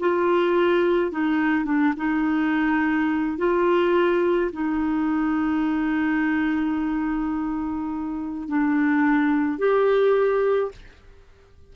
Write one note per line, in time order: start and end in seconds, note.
0.00 1.12 F4
1.12 1.66 D#4
1.66 1.94 D4
1.97 3.38 D#4
3.38 4.51 F4
4.53 8.49 D#4
8.49 9.59 D4
9.59 10.72 G4